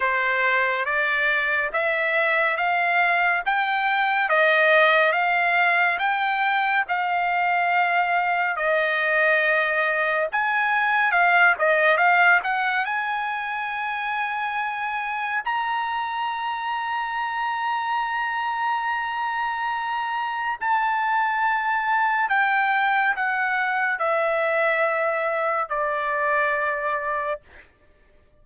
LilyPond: \new Staff \with { instrumentName = "trumpet" } { \time 4/4 \tempo 4 = 70 c''4 d''4 e''4 f''4 | g''4 dis''4 f''4 g''4 | f''2 dis''2 | gis''4 f''8 dis''8 f''8 fis''8 gis''4~ |
gis''2 ais''2~ | ais''1 | a''2 g''4 fis''4 | e''2 d''2 | }